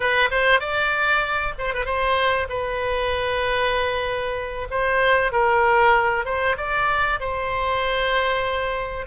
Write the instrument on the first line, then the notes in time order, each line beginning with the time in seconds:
oboe
0.00 B4
0.31 C5
0.60 D5
1.58 C5
1.74 B4
1.85 C5
2.49 B4
4.70 C5
5.32 A#4
6.25 C5
6.57 D5
7.20 C5